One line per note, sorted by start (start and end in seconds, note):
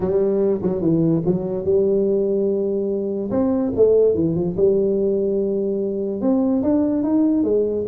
0.00 0.61 G3
0.62 0.81 F#3
0.81 1.22 E3
1.25 1.64 F#3
1.64 3.30 G3
3.30 3.72 C4
3.76 4.14 A3
4.14 4.35 E3
4.35 4.55 F3
4.56 6.21 G3
6.21 6.62 C4
6.62 7.03 D4
7.03 7.43 D#4
7.43 7.85 G#3